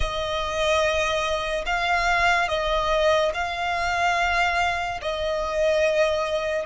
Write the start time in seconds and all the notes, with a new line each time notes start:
0.00 D#5
1.66 F5
2.48 D#5
3.33 F5
5.01 D#5